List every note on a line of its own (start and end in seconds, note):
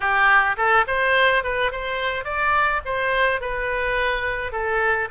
0.00 0.56 G4
0.57 0.85 A4
0.87 1.43 C5
1.43 1.71 B4
1.71 2.24 C5
2.24 2.81 D5
2.85 3.40 C5
3.40 4.52 B4
4.52 5.08 A4